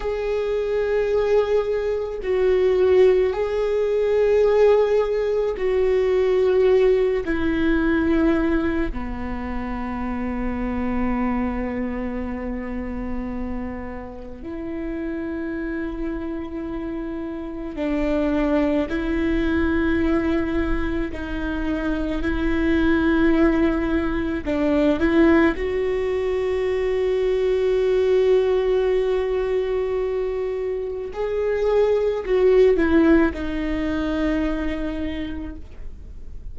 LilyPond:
\new Staff \with { instrumentName = "viola" } { \time 4/4 \tempo 4 = 54 gis'2 fis'4 gis'4~ | gis'4 fis'4. e'4. | b1~ | b4 e'2. |
d'4 e'2 dis'4 | e'2 d'8 e'8 fis'4~ | fis'1 | gis'4 fis'8 e'8 dis'2 | }